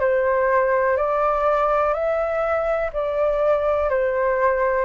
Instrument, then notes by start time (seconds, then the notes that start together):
flute
0.00 C5
0.97 D5
1.94 E5
2.93 D5
3.90 C5